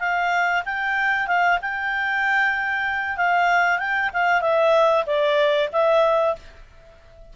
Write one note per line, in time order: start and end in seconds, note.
0.00 0.63 F5
0.65 1.27 G5
1.27 1.59 F5
1.62 3.17 G5
3.17 3.79 F5
3.79 4.11 G5
4.14 4.42 F5
4.42 5.05 E5
5.07 5.70 D5
5.73 6.36 E5